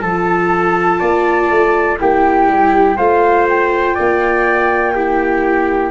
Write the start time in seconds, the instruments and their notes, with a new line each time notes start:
0.00 tuba F3, viola F4, trumpet A4, flute A5
0.99 tuba A#3, trumpet D5
1.50 tuba A3
2.00 tuba A#3, viola E4, trumpet G4, flute G5
2.47 tuba G3
2.97 tuba A3, viola F4, trumpet C5, flute F5
3.49 flute G5
3.95 tuba A#3, trumpet D5
4.95 viola E4, trumpet G4